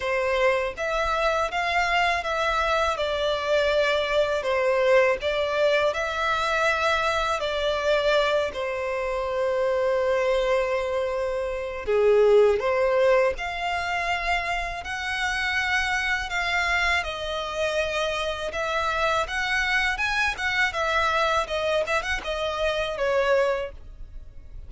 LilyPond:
\new Staff \with { instrumentName = "violin" } { \time 4/4 \tempo 4 = 81 c''4 e''4 f''4 e''4 | d''2 c''4 d''4 | e''2 d''4. c''8~ | c''1 |
gis'4 c''4 f''2 | fis''2 f''4 dis''4~ | dis''4 e''4 fis''4 gis''8 fis''8 | e''4 dis''8 e''16 fis''16 dis''4 cis''4 | }